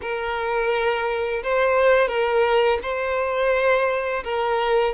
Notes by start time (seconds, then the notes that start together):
0.01 A#4
1.43 C5
2.08 A#4
2.82 C5
4.24 A#4